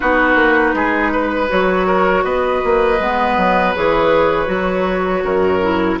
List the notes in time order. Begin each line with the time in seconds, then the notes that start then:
0.00 B3 D#4 F#4 B4
0.35 A#3
0.73 G#3 G#4
1.11 B4
1.48 F#3 F#4 C#5
1.87 A#4
2.23 B3 B4 D#5
2.63 A#3
2.99 G#3 B3
3.37 F#3
3.74 E3 G#4 C#5
4.46 F#3 F#4
5.24 F#2 A#4
5.62 E4